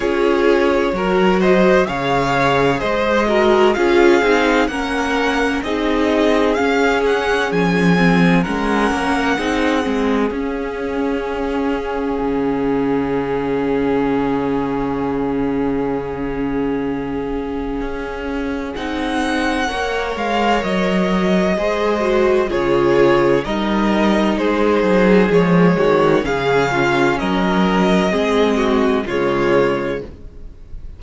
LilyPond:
<<
  \new Staff \with { instrumentName = "violin" } { \time 4/4 \tempo 4 = 64 cis''4. dis''8 f''4 dis''4 | f''4 fis''4 dis''4 f''8 fis''8 | gis''4 fis''2 f''4~ | f''1~ |
f''1 | fis''4. f''8 dis''2 | cis''4 dis''4 c''4 cis''4 | f''4 dis''2 cis''4 | }
  \new Staff \with { instrumentName = "violin" } { \time 4/4 gis'4 ais'8 c''8 cis''4 c''8 ais'8 | gis'4 ais'4 gis'2~ | gis'4 ais'4 gis'2~ | gis'1~ |
gis'1~ | gis'4 cis''2 c''4 | gis'4 ais'4 gis'4. fis'8 | gis'8 f'8 ais'4 gis'8 fis'8 f'4 | }
  \new Staff \with { instrumentName = "viola" } { \time 4/4 f'4 fis'4 gis'4. fis'8 | f'8 dis'8 cis'4 dis'4 cis'4~ | cis'8 c'8 cis'4 dis'8 c'8 cis'4~ | cis'1~ |
cis'1 | dis'4 ais'2 gis'8 fis'8 | f'4 dis'2 gis4 | cis'2 c'4 gis4 | }
  \new Staff \with { instrumentName = "cello" } { \time 4/4 cis'4 fis4 cis4 gis4 | cis'8 c'8 ais4 c'4 cis'4 | f4 gis8 ais8 c'8 gis8 cis'4~ | cis'4 cis2.~ |
cis2. cis'4 | c'4 ais8 gis8 fis4 gis4 | cis4 g4 gis8 fis8 f8 dis8 | cis4 fis4 gis4 cis4 | }
>>